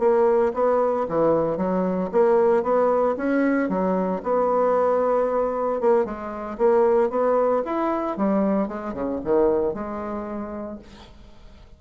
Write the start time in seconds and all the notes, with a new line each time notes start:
0.00 A#3
0.54 B3
1.09 E3
1.58 F#3
2.12 A#3
2.63 B3
3.18 C#4
3.70 F#3
4.24 B3
5.81 A#3
6.05 G#3
6.58 A#3
7.10 B3
7.66 E4
8.18 G3
8.68 G#3
8.94 C#3
9.25 D#3
9.74 G#3